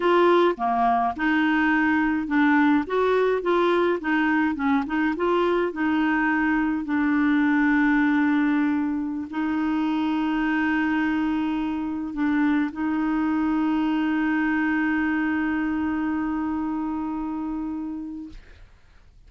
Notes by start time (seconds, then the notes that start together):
0.00 F4
0.57 A#3
1.16 D#4
2.27 D4
2.86 F#4
3.42 F4
4.00 D#4
4.55 C#4
4.86 D#4
5.16 F4
5.72 D#4
6.84 D4
9.30 D#4
12.13 D4
12.71 D#4